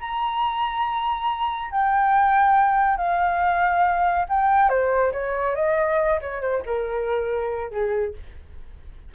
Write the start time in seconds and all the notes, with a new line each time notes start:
0.00 A#5
1.71 G5
2.97 F5
4.29 G5
4.69 C5
5.12 C#5
5.55 D#5
6.21 C#5
6.41 C5
6.65 A#4
7.71 G#4